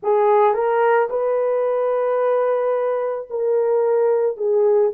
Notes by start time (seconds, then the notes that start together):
0.02 G#4
0.54 A#4
1.09 B4
3.30 A#4
4.36 G#4